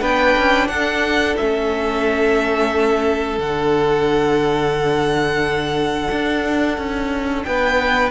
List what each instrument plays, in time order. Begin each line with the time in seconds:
0.00 cello B3, viola D4, violin B4 G5
0.37 cello C#4
0.68 cello D4, violin A4 F#5
1.36 cello A3, viola C#4, violin E5
3.38 cello D3, viola D4, violin F#5
6.11 cello D4
6.77 cello C#4
7.43 cello B3, violin B4 G5